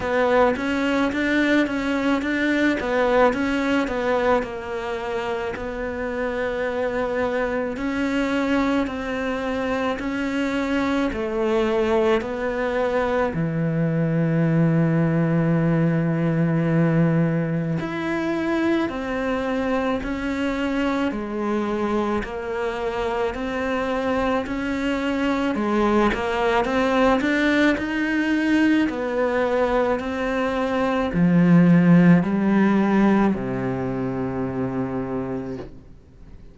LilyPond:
\new Staff \with { instrumentName = "cello" } { \time 4/4 \tempo 4 = 54 b8 cis'8 d'8 cis'8 d'8 b8 cis'8 b8 | ais4 b2 cis'4 | c'4 cis'4 a4 b4 | e1 |
e'4 c'4 cis'4 gis4 | ais4 c'4 cis'4 gis8 ais8 | c'8 d'8 dis'4 b4 c'4 | f4 g4 c2 | }